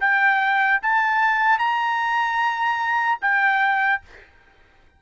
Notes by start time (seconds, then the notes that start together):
0.00 G5
0.82 A5
1.59 A#5
3.21 G5